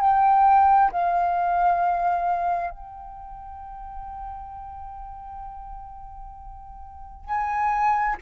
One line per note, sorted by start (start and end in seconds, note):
0.00 0.91 G5
0.92 2.71 F5
2.71 7.25 G5
7.25 8.16 G#5